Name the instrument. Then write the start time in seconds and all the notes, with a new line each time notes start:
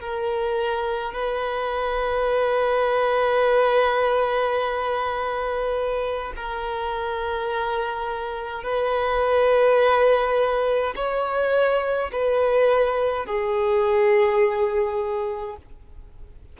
violin
0.00 A#4
1.13 B4
6.36 A#4
8.63 B4
10.96 C#5
12.12 B4
13.26 G#4